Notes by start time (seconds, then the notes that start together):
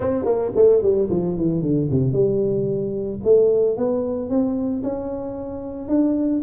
0.00 C4
0.24 A#3
0.55 A3
0.82 G3
1.10 F3
1.36 E3
1.61 D3
1.90 C3
2.12 G3
3.24 A3
3.76 B3
4.29 C4
4.83 C#4
5.88 D4